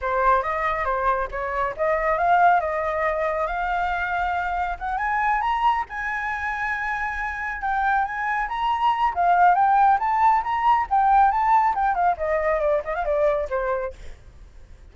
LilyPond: \new Staff \with { instrumentName = "flute" } { \time 4/4 \tempo 4 = 138 c''4 dis''4 c''4 cis''4 | dis''4 f''4 dis''2 | f''2. fis''8 gis''8~ | gis''8 ais''4 gis''2~ gis''8~ |
gis''4. g''4 gis''4 ais''8~ | ais''4 f''4 g''4 a''4 | ais''4 g''4 a''4 g''8 f''8 | dis''4 d''8 dis''16 f''16 d''4 c''4 | }